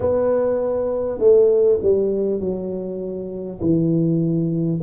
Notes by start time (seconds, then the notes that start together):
0.00 B3
1.18 A3
1.82 G3
2.39 F#3
3.60 E3